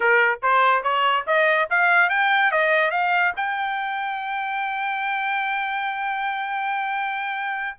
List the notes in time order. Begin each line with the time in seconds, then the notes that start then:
0.00 A#4
0.42 C5
0.83 C#5
1.26 D#5
1.70 F5
2.09 G5
2.51 D#5
2.90 F5
3.36 G5